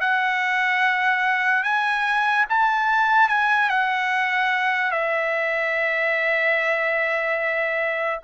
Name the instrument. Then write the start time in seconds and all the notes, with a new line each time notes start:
trumpet
0.00 F#5
1.63 G#5
2.49 A5
3.28 G#5
3.69 F#5
4.91 E5